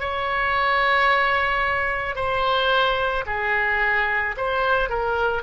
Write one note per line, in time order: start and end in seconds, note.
0.00 2.16 C#5
2.16 3.25 C5
3.26 4.35 G#4
4.37 4.90 C5
4.90 5.43 A#4